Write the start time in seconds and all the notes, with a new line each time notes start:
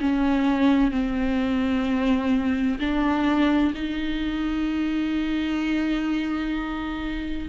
0.00 C#4
0.91 C4
2.80 D4
3.75 D#4